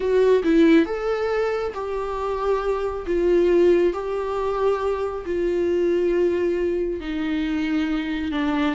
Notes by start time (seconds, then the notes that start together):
0.00 F#4
0.43 E4
0.85 A4
1.74 G4
3.06 F4
3.93 G4
5.25 F4
7.00 D#4
8.31 D4